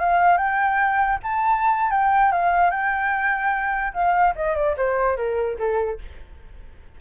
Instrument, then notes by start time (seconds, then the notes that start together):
flute
0.00 F5
0.38 G5
1.23 A5
1.91 G5
2.32 F5
2.71 G5
3.94 F5
4.36 D#5
4.56 D5
4.77 C5
5.17 A#4
5.59 A4